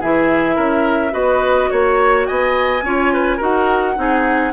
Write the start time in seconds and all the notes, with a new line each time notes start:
0.00 E3 E4 G#4 E5
0.56 C#4 A#4
1.11 B3 F#4 B4 D#5
1.70 A#3 C#5
2.27 B3 D#5 G#5
2.83 C#4 F4 C#5
3.13 B4
3.37 D#4 F#4 A#4 F#5
3.96 C4 D#4 G#4